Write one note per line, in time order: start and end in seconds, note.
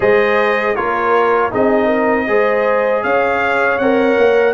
0.00 0.76 G#3
0.00 0.76 G#4
0.00 0.75 C5
0.00 0.75 D#5
0.75 1.52 A#3
0.75 1.51 F4
0.75 1.51 A#4
0.75 1.51 C#5
1.51 2.28 C4
1.51 2.27 D#4
1.51 1.85 G#4
1.51 3.03 D#5
1.85 2.23 A#4
2.27 3.04 G#3
2.27 3.79 G#4
2.27 3.04 C5
3.03 3.78 C#4
3.03 4.54 C#5
3.03 3.78 F5
3.78 4.16 C4
3.78 4.54 A#4
3.78 4.54 F#5
4.18 4.54 A#3